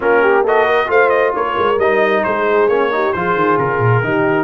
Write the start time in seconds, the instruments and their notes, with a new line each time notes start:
0.00 tuba A#3, trombone C#4, horn F4, trumpet A#4
0.22 horn G4
0.43 trombone F#4, horn A4, trumpet D#5
0.65 horn A#4
0.86 tuba A3, trombone F4, horn C5, trumpet F5
1.09 trumpet D#5
1.35 tuba A#3, horn A#4, trumpet C#5
1.57 tuba G#3
1.78 tuba G3, trombone D#4, trumpet D#5
2.23 tuba G#3, horn G#4, trumpet C5
2.68 tuba A#3, trombone C#4, trumpet C#5
2.91 trombone D#4, horn G4
3.12 tuba F3, trombone F4, horn G#4, trumpet C5
3.34 tuba D#3
3.58 tuba C#3, trumpet A#4
3.78 tuba A#2
4.03 tuba D#3, trombone D#4, horn G4